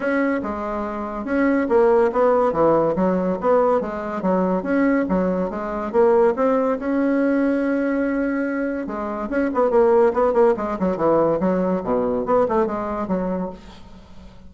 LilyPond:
\new Staff \with { instrumentName = "bassoon" } { \time 4/4 \tempo 4 = 142 cis'4 gis2 cis'4 | ais4 b4 e4 fis4 | b4 gis4 fis4 cis'4 | fis4 gis4 ais4 c'4 |
cis'1~ | cis'4 gis4 cis'8 b8 ais4 | b8 ais8 gis8 fis8 e4 fis4 | b,4 b8 a8 gis4 fis4 | }